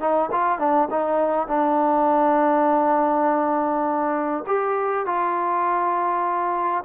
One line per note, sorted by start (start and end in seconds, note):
0.00 0.30 D#4
0.31 0.59 F4
0.59 0.88 D4
0.90 1.47 D#4
1.47 4.44 D4
4.47 5.06 G4
5.06 6.84 F4